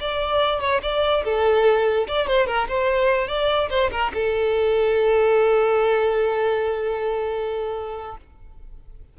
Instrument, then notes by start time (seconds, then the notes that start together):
violin
0.00 D5
0.61 C#5
0.83 D5
1.25 A4
2.08 D5
2.27 C5
2.47 A#4
2.68 C5
3.28 D5
3.70 C5
3.91 A#4
4.14 A4